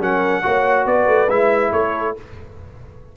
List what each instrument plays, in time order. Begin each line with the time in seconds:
0.00 tuba F#3, trombone C#4, horn A#4, trumpet F#5
0.42 tuba A#3, trombone F#4, horn C#5
0.86 tuba B3, horn B4, trumpet D5
1.07 tuba A3
1.29 tuba G#3, trombone E4, trumpet E5
1.72 tuba A3, horn A4, trumpet C#5